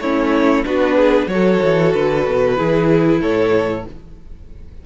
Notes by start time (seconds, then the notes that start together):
0.00 A3 C#4 E4 C#5
0.64 B3 D4 F#4 B4
0.96 G#4
1.27 F#3 F#4 C#5
1.33 A4
1.64 E3
1.93 D3 B4
2.27 B2
2.56 E3 E4 G#4
3.20 A2 A4 C#5